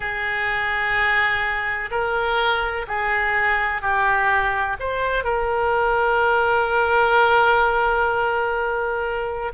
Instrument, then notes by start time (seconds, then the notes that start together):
oboe
0.00 G#4
1.90 A#4
2.87 G#4
3.81 G4
4.79 C5
5.24 A#4